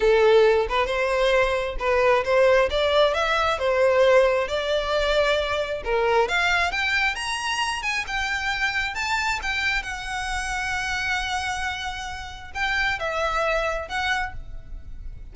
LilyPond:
\new Staff \with { instrumentName = "violin" } { \time 4/4 \tempo 4 = 134 a'4. b'8 c''2 | b'4 c''4 d''4 e''4 | c''2 d''2~ | d''4 ais'4 f''4 g''4 |
ais''4. gis''8 g''2 | a''4 g''4 fis''2~ | fis''1 | g''4 e''2 fis''4 | }